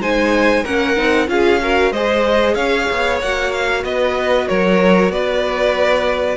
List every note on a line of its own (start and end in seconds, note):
0.00 0.64 G#3
0.00 0.65 D#4
0.00 0.63 C5
0.00 0.64 G#5
0.63 0.97 A#3
0.63 0.96 C#4
0.63 1.27 A#4
0.63 1.28 F#5
0.96 1.28 C4
0.96 1.28 D#4
1.28 1.91 C#4
1.28 1.59 F4
1.28 1.62 G#4
1.28 1.92 F5
1.62 1.94 F#4
1.62 1.93 A#4
1.91 2.55 G#3
1.91 3.22 G#4
1.91 2.55 C5
1.91 2.54 D#5
2.54 2.87 C#4
2.54 3.82 C#5
2.54 3.18 F5
2.91 3.22 B3
3.22 3.84 A#3
3.22 6.37 F#4
3.22 3.52 F#5
3.52 3.84 F5
3.84 4.47 B3
3.84 4.48 B4
3.84 4.47 D#5
4.47 5.09 F#3
4.47 5.12 A#4
4.47 5.11 C#5
5.09 6.37 B3
5.09 6.37 B4
5.09 6.37 D5